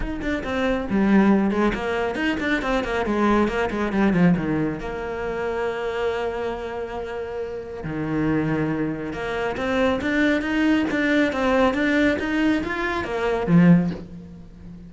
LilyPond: \new Staff \with { instrumentName = "cello" } { \time 4/4 \tempo 4 = 138 dis'8 d'8 c'4 g4. gis8 | ais4 dis'8 d'8 c'8 ais8 gis4 | ais8 gis8 g8 f8 dis4 ais4~ | ais1~ |
ais2 dis2~ | dis4 ais4 c'4 d'4 | dis'4 d'4 c'4 d'4 | dis'4 f'4 ais4 f4 | }